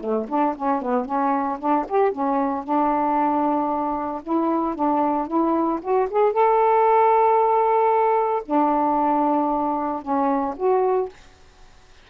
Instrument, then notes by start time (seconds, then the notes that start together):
saxophone
0.00 A3
0.29 D4
0.56 C#4
0.82 B3
1.06 C#4
1.59 D4
1.89 G4
2.12 C#4
2.64 D4
4.23 E4
4.75 D4
5.27 E4
5.82 F#4
6.10 G#4
6.33 A4
8.45 D4
10.02 C#4
10.56 F#4